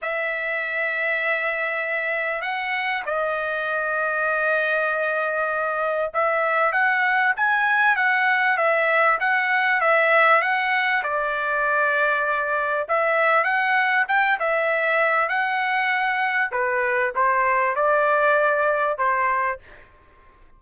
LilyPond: \new Staff \with { instrumentName = "trumpet" } { \time 4/4 \tempo 4 = 98 e''1 | fis''4 dis''2.~ | dis''2 e''4 fis''4 | gis''4 fis''4 e''4 fis''4 |
e''4 fis''4 d''2~ | d''4 e''4 fis''4 g''8 e''8~ | e''4 fis''2 b'4 | c''4 d''2 c''4 | }